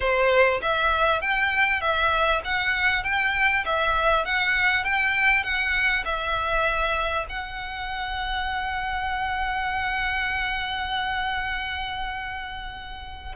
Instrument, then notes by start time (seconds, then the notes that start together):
violin
0.00 C5
0.61 E5
1.21 G5
1.80 E5
2.44 F#5
3.03 G5
3.65 E5
4.25 F#5
4.84 G5
5.43 F#5
6.04 E5
7.29 F#5